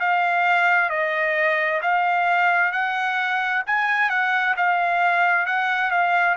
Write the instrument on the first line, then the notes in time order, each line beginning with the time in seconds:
trumpet
0.00 F5
0.89 D#5
1.82 F5
2.71 F#5
3.66 G#5
4.09 F#5
4.56 F5
5.46 F#5
5.90 F5